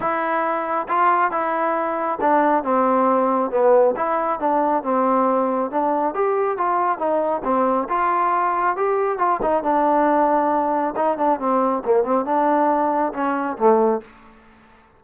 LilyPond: \new Staff \with { instrumentName = "trombone" } { \time 4/4 \tempo 4 = 137 e'2 f'4 e'4~ | e'4 d'4 c'2 | b4 e'4 d'4 c'4~ | c'4 d'4 g'4 f'4 |
dis'4 c'4 f'2 | g'4 f'8 dis'8 d'2~ | d'4 dis'8 d'8 c'4 ais8 c'8 | d'2 cis'4 a4 | }